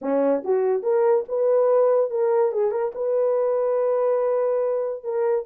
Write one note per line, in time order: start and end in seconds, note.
0.01 0.43 C#4
0.44 0.82 F#4
0.82 1.24 A#4
1.28 2.10 B4
2.10 2.52 A#4
2.52 2.71 G#4
2.71 2.92 A#4
2.94 5.03 B4
5.03 5.45 A#4